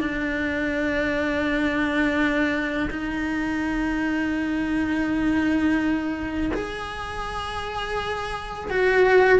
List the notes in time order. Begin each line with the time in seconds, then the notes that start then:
0.00 D4
2.90 D#4
6.54 G#4
8.70 F#4